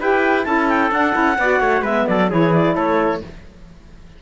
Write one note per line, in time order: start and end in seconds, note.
0.00 0.46 E4
0.00 0.44 G4
0.00 0.46 B4
0.00 0.44 G5
0.44 0.91 C#4
0.44 0.90 E4
0.44 1.39 A4
0.44 0.67 A5
0.68 0.91 G5
0.91 1.12 D4
0.91 1.14 D4
0.91 1.85 F#5
1.12 1.38 C#4
1.12 1.36 E4
1.38 1.60 B3
1.38 1.85 F#4
1.38 1.61 D5
1.60 1.81 A3
1.60 1.82 C#5
1.81 2.04 G#3
1.81 2.30 B3
1.81 2.05 B4
1.81 2.07 E5
2.07 2.31 F#3
2.07 2.30 A4
2.07 2.30 D5
2.30 2.75 E3
2.30 3.22 E4
2.30 2.75 G#4
2.30 2.53 C#5
2.53 2.76 D5
2.75 3.21 A3
2.75 3.22 A4
2.75 3.22 C#5